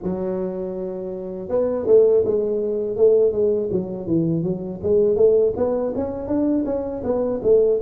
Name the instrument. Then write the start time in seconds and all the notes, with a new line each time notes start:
tuba
0.02 F#3
1.48 B3
1.87 A3
2.25 G#3
2.96 A3
3.32 G#3
3.71 F#3
4.06 E3
4.43 F#3
4.82 G#3
5.15 A3
5.56 B3
5.95 C#4
6.27 D4
6.65 C#4
7.03 B3
7.42 A3